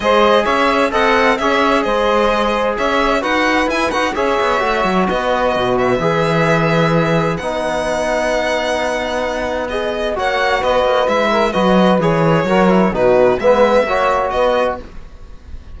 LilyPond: <<
  \new Staff \with { instrumentName = "violin" } { \time 4/4 \tempo 4 = 130 dis''4 e''4 fis''4 e''4 | dis''2 e''4 fis''4 | gis''8 fis''8 e''2 dis''4~ | dis''8 e''2.~ e''8 |
fis''1~ | fis''4 dis''4 fis''4 dis''4 | e''4 dis''4 cis''2 | b'4 e''2 dis''4 | }
  \new Staff \with { instrumentName = "saxophone" } { \time 4/4 c''4 cis''4 dis''4 cis''4 | c''2 cis''4 b'4~ | b'4 cis''2 b'4~ | b'1~ |
b'1~ | b'2 cis''4 b'4~ | b'8 ais'8 b'2 ais'4 | fis'4 b'4 cis''4 b'4 | }
  \new Staff \with { instrumentName = "trombone" } { \time 4/4 gis'2 a'4 gis'4~ | gis'2. fis'4 | e'8 fis'8 gis'4 fis'2~ | fis'4 gis'2. |
dis'1~ | dis'4 gis'4 fis'2 | e'4 fis'4 gis'4 fis'8 e'8 | dis'4 b4 fis'2 | }
  \new Staff \with { instrumentName = "cello" } { \time 4/4 gis4 cis'4 c'4 cis'4 | gis2 cis'4 dis'4 | e'8 dis'8 cis'8 b8 a8 fis8 b4 | b,4 e2. |
b1~ | b2 ais4 b8 ais8 | gis4 fis4 e4 fis4 | b,4 gis4 ais4 b4 | }
>>